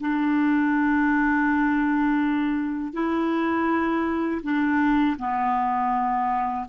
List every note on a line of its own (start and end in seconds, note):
0.00 2.93 D4
2.93 4.41 E4
4.43 5.17 D4
5.18 6.66 B3